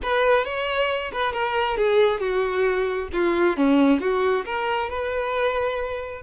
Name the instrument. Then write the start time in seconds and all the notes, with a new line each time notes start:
violin
0.02 B4
0.44 C#5
1.12 B4
1.32 A#4
1.77 G#4
2.19 F#4
3.13 F4
3.56 C#4
4.00 F#4
4.45 A#4
4.89 B4